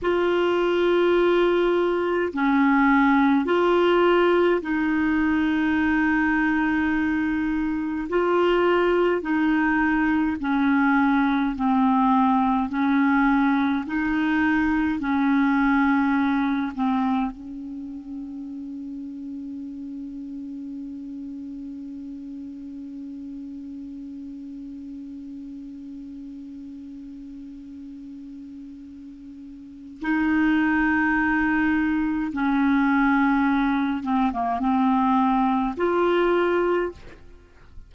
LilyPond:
\new Staff \with { instrumentName = "clarinet" } { \time 4/4 \tempo 4 = 52 f'2 cis'4 f'4 | dis'2. f'4 | dis'4 cis'4 c'4 cis'4 | dis'4 cis'4. c'8 cis'4~ |
cis'1~ | cis'1~ | cis'2 dis'2 | cis'4. c'16 ais16 c'4 f'4 | }